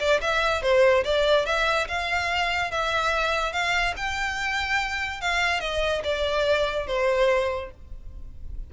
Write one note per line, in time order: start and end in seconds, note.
0.00 0.21 D5
0.21 0.62 E5
0.62 1.04 C5
1.04 1.46 D5
1.46 1.88 E5
1.88 2.71 F5
2.71 3.52 E5
3.52 3.94 F5
3.97 5.21 G5
5.21 5.60 F5
5.60 6.02 D#5
6.04 6.87 D5
6.87 7.71 C5